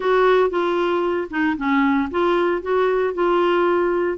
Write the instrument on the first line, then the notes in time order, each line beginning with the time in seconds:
clarinet
0.00 F#4
0.50 F4
1.30 D#4
1.57 C#4
2.10 F4
2.62 F#4
3.14 F4